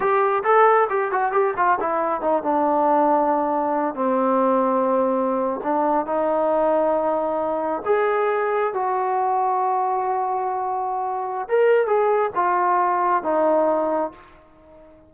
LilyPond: \new Staff \with { instrumentName = "trombone" } { \time 4/4 \tempo 4 = 136 g'4 a'4 g'8 fis'8 g'8 f'8 | e'4 dis'8 d'2~ d'8~ | d'4 c'2.~ | c'8. d'4 dis'2~ dis'16~ |
dis'4.~ dis'16 gis'2 fis'16~ | fis'1~ | fis'2 ais'4 gis'4 | f'2 dis'2 | }